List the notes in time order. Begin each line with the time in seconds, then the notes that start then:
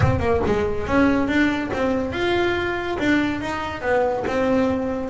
0.00 C4
0.19 A#3
0.46 G#3
0.86 C#4
1.27 D4
1.73 C4
2.12 F4
2.99 D4
3.41 D#4
3.81 B3
4.27 C4